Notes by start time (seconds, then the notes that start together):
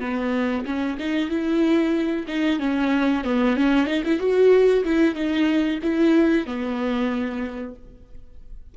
0.00 B3
0.66 C#4
0.99 D#4
1.29 E4
2.28 D#4
2.60 C#4
3.24 B3
3.56 C#4
3.87 D#4
4.04 E4
4.20 F#4
4.84 E4
5.15 D#4
5.83 E4
6.46 B3